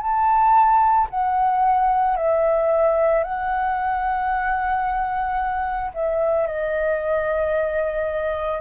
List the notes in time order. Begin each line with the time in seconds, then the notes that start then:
0.00 A5
1.10 F#5
2.16 E5
3.23 F#5
5.94 E5
6.46 D#5